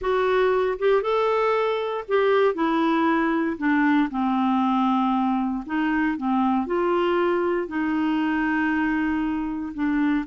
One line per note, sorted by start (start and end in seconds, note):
0.01 0.78 F#4
0.78 1.01 G4
1.01 2.04 A4
2.07 2.54 G4
2.54 3.56 E4
3.57 4.09 D4
4.10 5.64 C4
5.65 6.17 D#4
6.17 6.66 C4
6.66 7.67 F4
7.67 9.72 D#4
9.74 10.25 D4